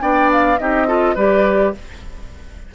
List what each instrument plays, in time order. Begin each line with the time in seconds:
0.00 bassoon B3, clarinet D4, oboe D5, flute G5
0.32 flute F5
0.59 bassoon C4, clarinet D#4, oboe G4, flute D#5
0.87 clarinet F4, oboe A4
1.15 bassoon G3, clarinet G4, oboe B4, flute D5